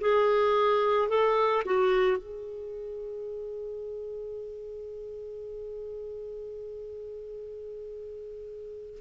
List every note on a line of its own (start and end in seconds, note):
0.00 1.09 G#4
1.09 1.63 A4
1.65 2.17 F#4
2.17 8.99 G#4